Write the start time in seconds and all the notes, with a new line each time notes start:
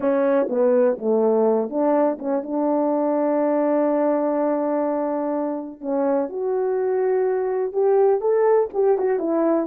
0.00 C#4
0.49 B3
0.98 A3
1.69 D4
2.18 C#4
2.43 D4
5.80 C#4
6.29 F#4
7.72 G4
8.20 A4
8.73 G4
8.98 F#4
9.19 E4